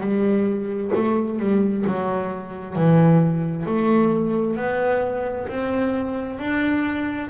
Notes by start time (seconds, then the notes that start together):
0.00 G3
0.95 A3
1.39 G3
1.86 F#3
2.75 E3
3.65 A3
4.56 B3
5.48 C4
6.38 D4